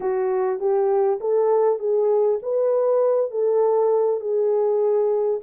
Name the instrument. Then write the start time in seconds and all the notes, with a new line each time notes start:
horn
0.00 F#4
0.59 G4
1.20 A4
1.79 G#4
2.42 B4
3.30 A4
4.20 G#4